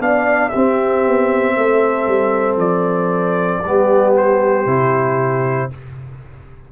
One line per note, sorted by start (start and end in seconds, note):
0.00 0.52 B3
0.00 0.52 D4
0.00 0.50 D5
0.00 0.49 F5
0.49 3.64 C4
0.49 1.07 C4
0.49 1.54 G4
0.49 2.56 E5
1.07 1.57 B3
1.57 2.08 A3
1.57 3.63 A4
2.08 2.57 G3
2.57 3.60 F3
2.57 4.14 D5
3.63 4.66 G3
3.63 4.67 B3
3.63 5.70 G4
4.17 5.72 C5
4.66 5.69 C3
4.66 5.70 E4